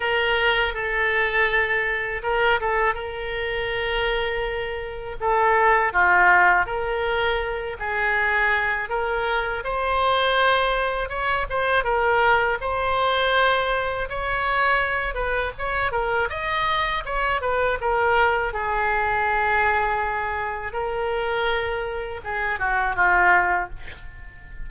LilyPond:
\new Staff \with { instrumentName = "oboe" } { \time 4/4 \tempo 4 = 81 ais'4 a'2 ais'8 a'8 | ais'2. a'4 | f'4 ais'4. gis'4. | ais'4 c''2 cis''8 c''8 |
ais'4 c''2 cis''4~ | cis''8 b'8 cis''8 ais'8 dis''4 cis''8 b'8 | ais'4 gis'2. | ais'2 gis'8 fis'8 f'4 | }